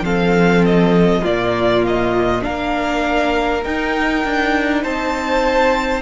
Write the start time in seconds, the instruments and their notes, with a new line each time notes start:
0.00 cello F3, viola C4, violin A4 F5
0.65 violin D#5
1.22 cello A#2, viola A#3, violin F4 D5
1.87 violin D#5
2.41 cello A#3, viola D4, violin A#4 F5
3.64 viola D#4, cello D#4, violin G5
4.25 cello D4
4.83 cello C4, violin C5 A5